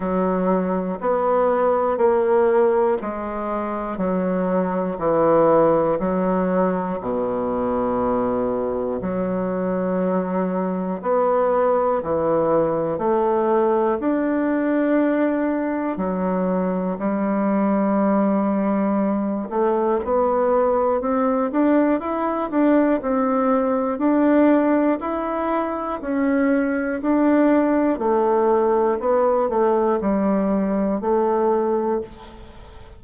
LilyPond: \new Staff \with { instrumentName = "bassoon" } { \time 4/4 \tempo 4 = 60 fis4 b4 ais4 gis4 | fis4 e4 fis4 b,4~ | b,4 fis2 b4 | e4 a4 d'2 |
fis4 g2~ g8 a8 | b4 c'8 d'8 e'8 d'8 c'4 | d'4 e'4 cis'4 d'4 | a4 b8 a8 g4 a4 | }